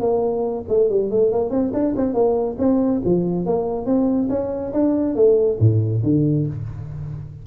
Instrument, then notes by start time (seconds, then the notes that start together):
tuba
0.00 A#3
0.68 A3
0.89 G3
1.10 A3
1.32 A#3
1.50 C4
1.73 D4
1.96 C4
2.14 A#3
2.59 C4
3.05 F3
3.46 A#3
3.85 C4
4.29 C#4
4.73 D4
5.15 A3
5.59 A2
6.03 D3